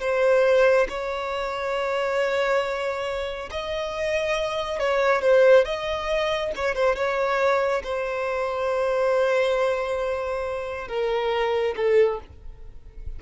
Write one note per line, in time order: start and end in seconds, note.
0.00 0.87 C5
0.89 3.49 C#5
3.51 4.79 D#5
4.79 5.22 C#5
5.22 5.65 C5
5.65 6.52 D#5
6.55 6.75 C#5
6.75 6.95 C5
6.95 7.82 C#5
7.83 10.88 C5
10.88 11.75 A#4
11.76 12.20 A4